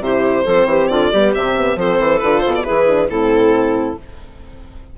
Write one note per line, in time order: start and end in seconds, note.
0.00 0.44 C3
0.00 0.46 E4
0.00 0.44 G4
0.00 0.88 C5
0.44 0.65 F3
0.44 1.13 C4
0.44 0.66 A4
0.65 0.87 E3
0.65 0.90 G4
0.88 1.12 D3
0.88 1.12 F4
0.88 1.32 D5
1.12 1.35 G3
1.12 1.35 B3
1.12 1.77 G4
1.35 1.76 C3
1.35 1.56 C4
1.35 1.79 E5
1.56 1.76 B3
1.76 1.98 F3
1.76 2.20 C4
1.76 2.65 A4
1.76 2.19 C5
2.00 2.22 E3
2.19 2.45 D3
2.19 2.65 F4
2.19 2.41 B4
2.41 2.67 B2
2.41 2.52 C5
2.55 2.64 D5
2.64 3.09 E3
2.64 2.87 E4
2.64 3.09 G#4
2.64 3.08 B4
2.87 3.09 D4
3.09 3.96 A2
3.09 3.98 C4
3.09 3.97 E4
3.09 3.97 A4